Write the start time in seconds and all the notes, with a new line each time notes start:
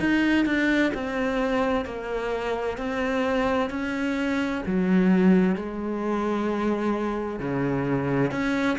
0.00 D#4
0.46 D4
0.94 C4
1.85 A#3
2.78 C4
3.70 C#4
4.66 F#3
5.56 G#3
7.40 C#3
8.31 C#4